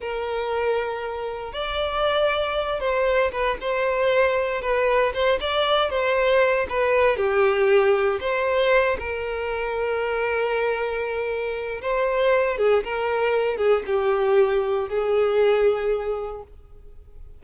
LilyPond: \new Staff \with { instrumentName = "violin" } { \time 4/4 \tempo 4 = 117 ais'2. d''4~ | d''4. c''4 b'8 c''4~ | c''4 b'4 c''8 d''4 c''8~ | c''4 b'4 g'2 |
c''4. ais'2~ ais'8~ | ais'2. c''4~ | c''8 gis'8 ais'4. gis'8 g'4~ | g'4 gis'2. | }